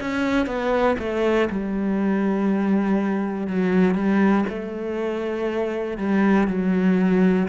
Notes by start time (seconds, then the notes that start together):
0.00 C#4
0.46 B3
0.98 A3
1.50 G3
3.47 F#3
3.95 G3
4.49 A3
5.98 G3
6.47 F#3